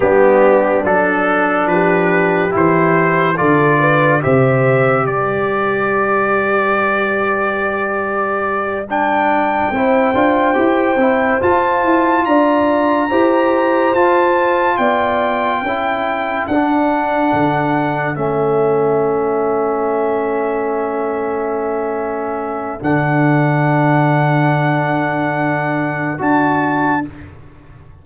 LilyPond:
<<
  \new Staff \with { instrumentName = "trumpet" } { \time 4/4 \tempo 4 = 71 g'4 a'4 b'4 c''4 | d''4 e''4 d''2~ | d''2~ d''8 g''4.~ | g''4. a''4 ais''4.~ |
ais''8 a''4 g''2 fis''8~ | fis''4. e''2~ e''8~ | e''2. fis''4~ | fis''2. a''4 | }
  \new Staff \with { instrumentName = "horn" } { \time 4/4 d'2 g'2 | a'8 b'8 c''4 b'2~ | b'2.~ b'8 c''8~ | c''2~ c''8 d''4 c''8~ |
c''4. d''4 a'4.~ | a'1~ | a'1~ | a'1 | }
  \new Staff \with { instrumentName = "trombone" } { \time 4/4 b4 d'2 e'4 | f'4 g'2.~ | g'2~ g'8 d'4 e'8 | f'8 g'8 e'8 f'2 g'8~ |
g'8 f'2 e'4 d'8~ | d'4. cis'2~ cis'8~ | cis'2. d'4~ | d'2. fis'4 | }
  \new Staff \with { instrumentName = "tuba" } { \time 4/4 g4 fis4 f4 e4 | d4 c4 g2~ | g2.~ g8 c'8 | d'8 e'8 c'8 f'8 e'8 d'4 e'8~ |
e'8 f'4 b4 cis'4 d'8~ | d'8 d4 a2~ a8~ | a2. d4~ | d2. d'4 | }
>>